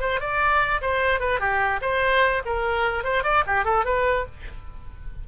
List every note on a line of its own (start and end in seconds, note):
0.00 0.20 C5
0.20 0.81 D5
0.81 1.19 C5
1.19 1.39 B4
1.39 1.80 G4
1.81 2.42 C5
2.45 3.04 A#4
3.04 3.23 C5
3.23 3.43 D5
3.46 3.64 G4
3.64 3.85 A4
3.85 4.25 B4